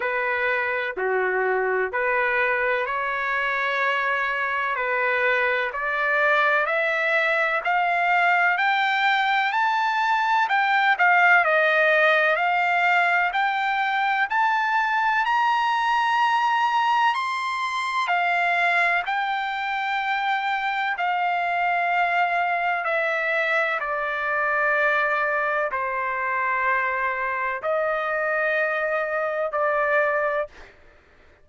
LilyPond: \new Staff \with { instrumentName = "trumpet" } { \time 4/4 \tempo 4 = 63 b'4 fis'4 b'4 cis''4~ | cis''4 b'4 d''4 e''4 | f''4 g''4 a''4 g''8 f''8 | dis''4 f''4 g''4 a''4 |
ais''2 c'''4 f''4 | g''2 f''2 | e''4 d''2 c''4~ | c''4 dis''2 d''4 | }